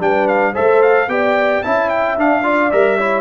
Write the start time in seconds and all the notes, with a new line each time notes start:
0.00 G3 D4 B4 G5
0.28 F5
0.53 A3 A4 C5 E5
0.82 F5
1.08 B3 G4 D5 G5
1.63 C#4 E4 E5 A5
1.89 G5
2.18 D4 F5
2.43 F4 D5
2.72 G3 A#4 E5
2.98 E4 C#5